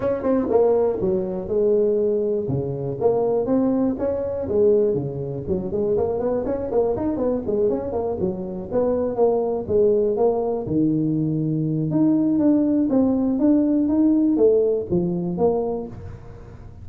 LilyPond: \new Staff \with { instrumentName = "tuba" } { \time 4/4 \tempo 4 = 121 cis'8 c'8 ais4 fis4 gis4~ | gis4 cis4 ais4 c'4 | cis'4 gis4 cis4 fis8 gis8 | ais8 b8 cis'8 ais8 dis'8 b8 gis8 cis'8 |
ais8 fis4 b4 ais4 gis8~ | gis8 ais4 dis2~ dis8 | dis'4 d'4 c'4 d'4 | dis'4 a4 f4 ais4 | }